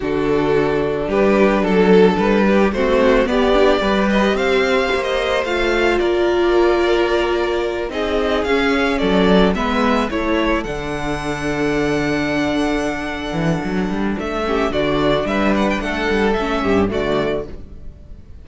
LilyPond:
<<
  \new Staff \with { instrumentName = "violin" } { \time 4/4 \tempo 4 = 110 a'2 b'4 a'4 | b'4 c''4 d''4. dis''8 | f''4~ f''16 dis''8. f''4 d''4~ | d''2~ d''8 dis''4 f''8~ |
f''8 d''4 e''4 cis''4 fis''8~ | fis''1~ | fis''2 e''4 d''4 | e''8 fis''16 g''16 fis''4 e''4 d''4 | }
  \new Staff \with { instrumentName = "violin" } { \time 4/4 fis'2 g'4 a'4~ | a'8 g'8 fis'4 g'4 b'4 | c''2. ais'4~ | ais'2~ ais'8 gis'4.~ |
gis'8 a'4 b'4 a'4.~ | a'1~ | a'2~ a'8 g'8 fis'4 | b'4 a'4. g'8 fis'4 | }
  \new Staff \with { instrumentName = "viola" } { \time 4/4 d'1~ | d'4 c'4 b8 d'8 g'4~ | g'2 f'2~ | f'2~ f'8 dis'4 cis'8~ |
cis'4. b4 e'4 d'8~ | d'1~ | d'2~ d'8 cis'8 d'4~ | d'2 cis'4 a4 | }
  \new Staff \with { instrumentName = "cello" } { \time 4/4 d2 g4 fis4 | g4 a4 b4 g4 | c'4 ais4 a4 ais4~ | ais2~ ais8 c'4 cis'8~ |
cis'8 fis4 gis4 a4 d8~ | d1~ | d8 e8 fis8 g8 a4 d4 | g4 a8 g8 a8 g,8 d4 | }
>>